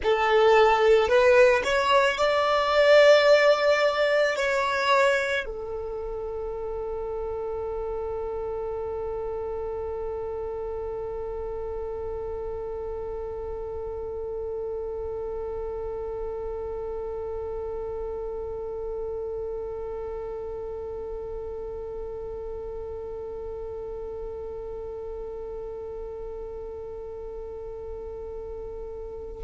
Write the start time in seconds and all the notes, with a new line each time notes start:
0.03 A4
1.08 B4
1.64 C#5
2.17 D5
4.36 C#5
5.45 A4